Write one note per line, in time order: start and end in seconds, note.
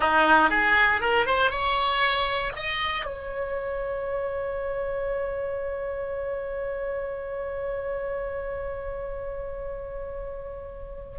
0.00 0.49 D#4
0.49 1.00 G#4
1.00 1.26 A#4
1.26 1.50 C5
1.50 2.52 C#5
2.55 3.05 D#5
3.05 11.18 C#5